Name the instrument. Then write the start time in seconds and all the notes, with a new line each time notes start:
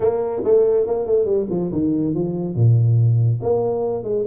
tuba
0.00 A#3
0.44 A3
0.86 A#3
1.06 A3
1.25 G3
1.49 F3
1.72 D#3
2.14 F3
2.55 A#2
3.42 A#3
4.03 G#3